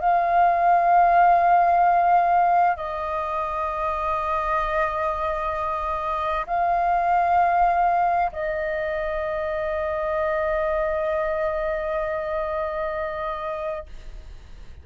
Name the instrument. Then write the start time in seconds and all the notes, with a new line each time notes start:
flute
0.00 F5
2.77 D#5
6.47 F5
8.32 D#5